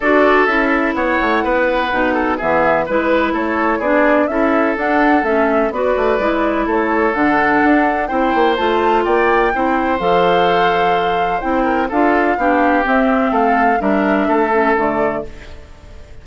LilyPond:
<<
  \new Staff \with { instrumentName = "flute" } { \time 4/4 \tempo 4 = 126 d''4 e''4 fis''2~ | fis''4 e''4 b'4 cis''4 | d''4 e''4 fis''4 e''4 | d''2 cis''4 fis''4~ |
fis''4 g''4 a''4 g''4~ | g''4 f''2. | g''4 f''2 e''4 | f''4 e''2 d''4 | }
  \new Staff \with { instrumentName = "oboe" } { \time 4/4 a'2 cis''4 b'4~ | b'8 a'8 gis'4 b'4 a'4 | gis'4 a'2. | b'2 a'2~ |
a'4 c''2 d''4 | c''1~ | c''8 ais'8 a'4 g'2 | a'4 ais'4 a'2 | }
  \new Staff \with { instrumentName = "clarinet" } { \time 4/4 fis'4 e'2. | dis'4 b4 e'2 | d'4 e'4 d'4 cis'4 | fis'4 e'2 d'4~ |
d'4 e'4 f'2 | e'4 a'2. | e'4 f'4 d'4 c'4~ | c'4 d'4. cis'8 a4 | }
  \new Staff \with { instrumentName = "bassoon" } { \time 4/4 d'4 cis'4 b8 a8 b4 | b,4 e4 gis4 a4 | b4 cis'4 d'4 a4 | b8 a8 gis4 a4 d4 |
d'4 c'8 ais8 a4 ais4 | c'4 f2. | c'4 d'4 b4 c'4 | a4 g4 a4 d4 | }
>>